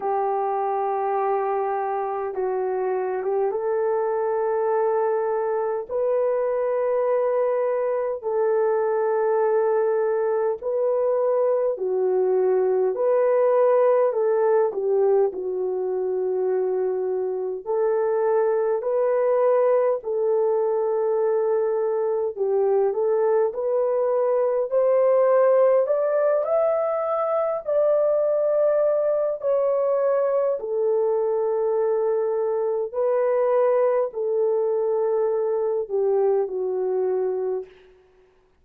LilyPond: \new Staff \with { instrumentName = "horn" } { \time 4/4 \tempo 4 = 51 g'2 fis'8. g'16 a'4~ | a'4 b'2 a'4~ | a'4 b'4 fis'4 b'4 | a'8 g'8 fis'2 a'4 |
b'4 a'2 g'8 a'8 | b'4 c''4 d''8 e''4 d''8~ | d''4 cis''4 a'2 | b'4 a'4. g'8 fis'4 | }